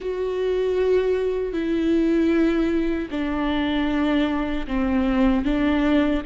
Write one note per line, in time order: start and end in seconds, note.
0.00 1.52 F#4
1.52 3.08 E4
3.11 4.66 D4
4.67 5.44 C4
5.44 6.22 D4